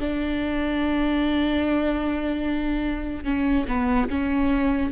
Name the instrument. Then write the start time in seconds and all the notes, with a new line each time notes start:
viola
0.00 D4
3.24 C#4
3.68 B3
4.09 C#4